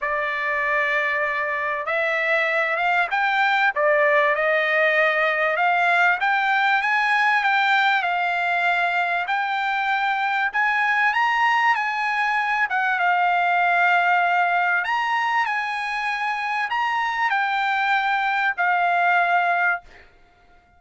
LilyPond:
\new Staff \with { instrumentName = "trumpet" } { \time 4/4 \tempo 4 = 97 d''2. e''4~ | e''8 f''8 g''4 d''4 dis''4~ | dis''4 f''4 g''4 gis''4 | g''4 f''2 g''4~ |
g''4 gis''4 ais''4 gis''4~ | gis''8 fis''8 f''2. | ais''4 gis''2 ais''4 | g''2 f''2 | }